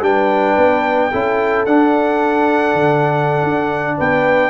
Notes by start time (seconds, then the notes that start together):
0.00 G3 D4 B4 G5
0.57 B3
1.11 C#4 E4 A4
1.65 D4 F#5
2.74 D3
3.43 D4
3.96 B3 B4 G5